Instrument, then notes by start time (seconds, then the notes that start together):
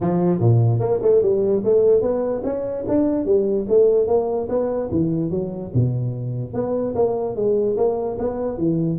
tuba
0.01 F3
0.39 A#2
0.79 A#3
1.02 A3
1.22 G3
1.64 A3
2.01 B3
2.43 C#4
2.88 D4
3.25 G3
3.68 A3
4.07 A#3
4.48 B3
4.91 E3
5.30 F#3
5.74 B2
6.53 B3
6.95 A#3
7.35 G#3
7.76 A#3
8.19 B3
8.57 E3